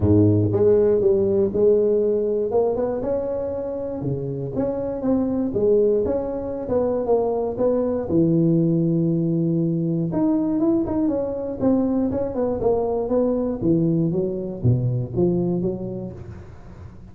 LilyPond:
\new Staff \with { instrumentName = "tuba" } { \time 4/4 \tempo 4 = 119 gis,4 gis4 g4 gis4~ | gis4 ais8 b8 cis'2 | cis4 cis'4 c'4 gis4 | cis'4~ cis'16 b8. ais4 b4 |
e1 | dis'4 e'8 dis'8 cis'4 c'4 | cis'8 b8 ais4 b4 e4 | fis4 b,4 f4 fis4 | }